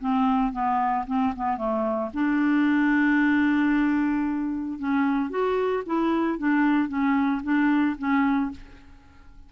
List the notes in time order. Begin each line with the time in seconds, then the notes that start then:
0.00 C4
0.52 B3
1.07 C4
1.36 B3
1.57 A3
2.14 D4
4.79 C#4
5.30 F#4
5.86 E4
6.39 D4
6.89 C#4
7.43 D4
7.98 C#4